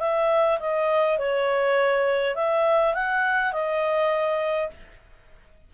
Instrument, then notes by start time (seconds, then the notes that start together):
clarinet
0.00 E5
0.60 D#5
1.18 C#5
2.36 E5
2.94 F#5
3.52 D#5